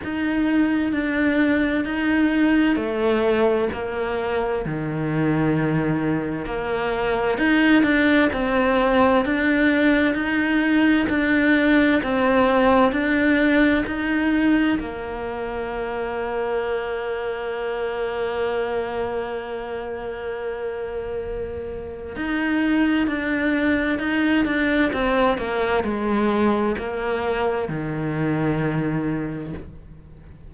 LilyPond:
\new Staff \with { instrumentName = "cello" } { \time 4/4 \tempo 4 = 65 dis'4 d'4 dis'4 a4 | ais4 dis2 ais4 | dis'8 d'8 c'4 d'4 dis'4 | d'4 c'4 d'4 dis'4 |
ais1~ | ais1 | dis'4 d'4 dis'8 d'8 c'8 ais8 | gis4 ais4 dis2 | }